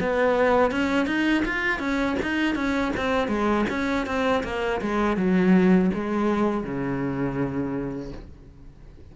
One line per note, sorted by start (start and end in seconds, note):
0.00 0.71 B3
0.71 1.06 C#4
1.06 1.43 D#4
1.45 1.79 F4
1.79 2.16 C#4
2.22 2.55 D#4
2.55 2.92 C#4
2.96 3.28 C4
3.28 3.65 G#3
3.69 4.06 C#4
4.06 4.43 C4
4.43 4.80 A#3
4.81 5.16 G#3
5.16 5.90 F#3
5.94 6.64 G#3
6.64 8.12 C#3